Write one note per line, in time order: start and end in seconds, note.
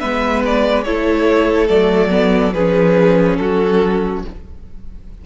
0.00 0.86 G#3
0.00 0.85 B3
0.00 0.85 B4
0.00 0.42 E5
0.46 0.84 D5
0.84 1.70 A3
0.84 1.69 E4
0.84 2.54 A4
0.84 1.68 C#5
1.69 2.54 F#3
1.69 2.10 A3
1.69 2.53 D5
2.10 2.52 B3
2.53 3.39 F3
2.53 4.26 C#4
2.53 3.39 G#4
2.53 3.37 B4
3.37 4.24 F#3
3.37 4.25 F#4
3.37 4.21 A4